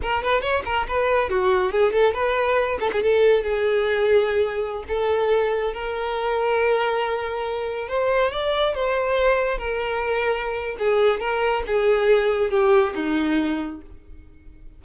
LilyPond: \new Staff \with { instrumentName = "violin" } { \time 4/4 \tempo 4 = 139 ais'8 b'8 cis''8 ais'8 b'4 fis'4 | gis'8 a'8 b'4. a'16 gis'16 a'4 | gis'2.~ gis'16 a'8.~ | a'4~ a'16 ais'2~ ais'8.~ |
ais'2~ ais'16 c''4 d''8.~ | d''16 c''2 ais'4.~ ais'16~ | ais'4 gis'4 ais'4 gis'4~ | gis'4 g'4 dis'2 | }